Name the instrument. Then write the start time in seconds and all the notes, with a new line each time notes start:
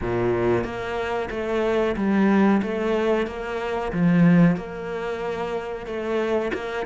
cello
0.01 A#2
0.63 A#3
1.30 A3
1.96 G3
2.62 A3
3.26 A#3
3.92 F3
4.56 A#3
5.86 A3
6.54 A#3